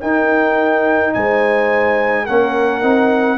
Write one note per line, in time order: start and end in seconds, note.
0.00 2.27 D#4
0.00 1.15 D#4
0.00 1.14 A#4
0.00 1.13 G5
1.13 2.28 G#3
1.13 2.24 C5
1.13 2.25 G#5
2.24 2.82 A#3
2.24 2.81 C#4
2.24 3.37 A#4
2.24 3.38 F#5
2.81 3.38 C4
2.81 3.38 D#4